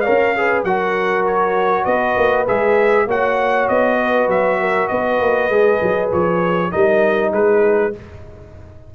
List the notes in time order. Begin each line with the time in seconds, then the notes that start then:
0.00 A#4 C#5 F5
0.08 C#4
0.36 G#4 B4
0.64 F#3 F#4 A#4 F#5
1.26 C#5
1.84 B3 B4 D#5
2.17 A#3
2.47 G#3 G#4 E5
3.07 A#3 F#4 C#5 F#5
3.68 B3 D#5
4.01 B4
4.28 F#3 E5
4.60 A#4
4.88 B3 B4 D#5
5.20 A#3
5.49 G#3 G#4
5.82 F#3
6.12 F3 C#5
6.71 G3 D#4 A#4 D#5
7.32 G#3 G#4 B4